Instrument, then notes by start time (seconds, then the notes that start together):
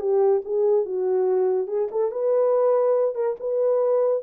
horn
0.00 G4
0.44 G#4
0.85 F#4
1.67 G#4
1.91 A4
2.11 B4
3.15 A#4
3.39 B4